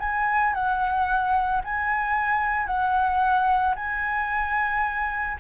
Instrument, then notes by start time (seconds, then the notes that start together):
flute
0.00 G#5
0.54 F#5
1.64 G#5
2.67 F#5
3.75 G#5